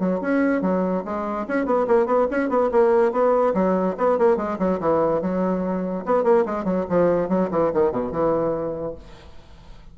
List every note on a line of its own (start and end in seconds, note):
0.00 0.21 F#3
0.21 0.62 C#4
0.62 1.04 F#3
1.05 1.47 G#3
1.48 1.66 C#4
1.66 1.87 B3
1.88 2.06 A#3
2.06 2.27 B3
2.31 2.50 C#4
2.50 2.70 B3
2.72 3.12 A#3
3.12 3.54 B3
3.54 3.96 F#3
3.98 4.19 B3
4.19 4.37 A#3
4.37 4.58 G#3
4.59 4.80 F#3
4.80 5.22 E3
5.22 6.05 F#3
6.06 6.24 B3
6.24 6.45 A#3
6.46 6.65 G#3
6.65 6.85 F#3
6.90 7.29 F3
7.29 7.50 F#3
7.51 7.72 E3
7.74 7.92 D#3
7.92 8.12 B2
8.12 8.95 E3